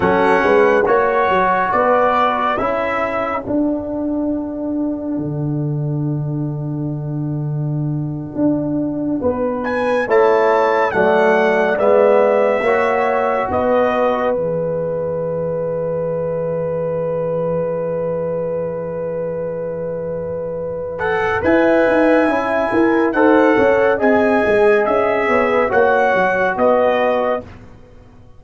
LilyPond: <<
  \new Staff \with { instrumentName = "trumpet" } { \time 4/4 \tempo 4 = 70 fis''4 cis''4 d''4 e''4 | fis''1~ | fis''2.~ fis''16 gis''8 a''16~ | a''8. fis''4 e''2 dis''16~ |
dis''8. e''2.~ e''16~ | e''1~ | e''8 fis''8 gis''2 fis''4 | gis''4 e''4 fis''4 dis''4 | }
  \new Staff \with { instrumentName = "horn" } { \time 4/4 a'8 b'8 cis''4 b'4 a'4~ | a'1~ | a'2~ a'8. b'4 cis''16~ | cis''8. d''2 cis''4 b'16~ |
b'1~ | b'1~ | b'4 e''4. ais'8 c''8 cis''8 | dis''4. cis''16 b'16 cis''4 b'4 | }
  \new Staff \with { instrumentName = "trombone" } { \time 4/4 cis'4 fis'2 e'4 | d'1~ | d'2.~ d'8. e'16~ | e'8. a4 b4 fis'4~ fis'16~ |
fis'8. gis'2.~ gis'16~ | gis'1~ | gis'8 a'8 b'4 e'4 a'4 | gis'2 fis'2 | }
  \new Staff \with { instrumentName = "tuba" } { \time 4/4 fis8 gis8 ais8 fis8 b4 cis'4 | d'2 d2~ | d4.~ d16 d'4 b4 a16~ | a8. fis4 gis4 ais4 b16~ |
b8. e2.~ e16~ | e1~ | e4 e'8 dis'8 cis'8 e'8 dis'8 cis'8 | c'8 gis8 cis'8 b8 ais8 fis8 b4 | }
>>